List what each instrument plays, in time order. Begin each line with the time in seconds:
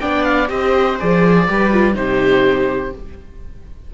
0.00 cello B3, viola D4 D5, oboe G5
0.23 oboe F5
0.48 cello C4, viola G4 C5, oboe D#5
0.99 cello F3, viola G#4, oboe D5
1.46 cello G3, viola G4 B4
1.73 viola F4
1.93 cello C3, viola D#4 G4, oboe C5